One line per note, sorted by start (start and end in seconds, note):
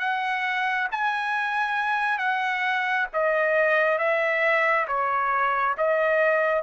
0.00 0.88 F#5
0.92 2.19 G#5
2.19 3.07 F#5
3.14 3.99 D#5
3.99 4.87 E5
4.88 5.76 C#5
5.78 6.63 D#5